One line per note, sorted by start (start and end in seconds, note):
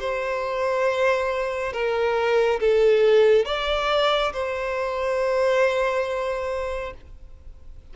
0.00 1.73 C5
1.73 2.60 A#4
2.60 3.45 A4
3.45 4.32 D5
4.33 6.94 C5